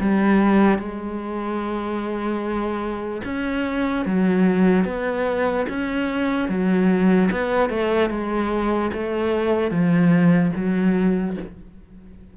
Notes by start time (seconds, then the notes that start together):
0.00 G3
0.78 G#3
3.24 C#4
4.05 F#3
4.85 B3
5.68 C#4
6.48 F#3
7.31 B3
7.70 A3
8.10 G#3
8.93 A3
9.70 F3
10.56 F#3